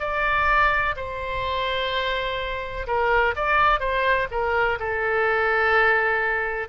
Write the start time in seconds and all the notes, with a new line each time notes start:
0.00 D5
0.97 C5
2.87 A#4
3.36 D5
3.80 C5
4.32 A#4
4.80 A4